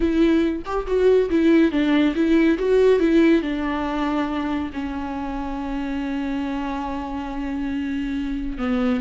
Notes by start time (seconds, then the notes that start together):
0.00 E4
0.65 G4
0.86 F#4
1.30 E4
1.71 D4
2.15 E4
2.58 F#4
2.99 E4
3.42 D4
4.73 C#4
8.58 B3